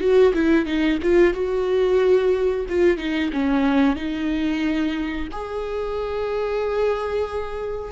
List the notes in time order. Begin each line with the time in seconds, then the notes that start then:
0.00 F#4
0.34 E4
0.66 D#4
1.02 F4
1.34 F#4
2.69 F4
2.98 D#4
3.32 C#4
3.96 D#4
5.32 G#4